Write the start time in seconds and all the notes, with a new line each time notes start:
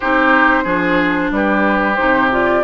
0.00 C4 D#4 G4 C5
0.64 F3 D4 G#4
1.31 G3 G4 B4
1.96 C3 D#4 C5
2.30 F4 D5